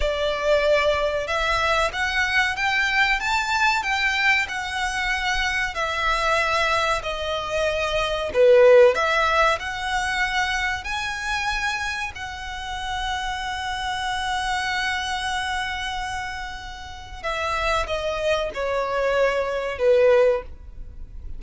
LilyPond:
\new Staff \with { instrumentName = "violin" } { \time 4/4 \tempo 4 = 94 d''2 e''4 fis''4 | g''4 a''4 g''4 fis''4~ | fis''4 e''2 dis''4~ | dis''4 b'4 e''4 fis''4~ |
fis''4 gis''2 fis''4~ | fis''1~ | fis''2. e''4 | dis''4 cis''2 b'4 | }